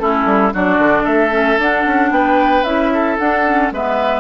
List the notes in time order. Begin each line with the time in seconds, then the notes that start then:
0.00 A3 C#4 E4 A4
0.26 G3
0.53 F#3 D4 F#4 D5
0.79 D3
1.04 A3 A4 E5
1.31 C#4
1.58 D4 F#5
1.87 C#4
2.11 B3 B4 G5
2.64 C#4 E4 E5
2.94 A4
3.19 D4 F#5
3.47 C#4
3.72 G#3 B3 B4 E5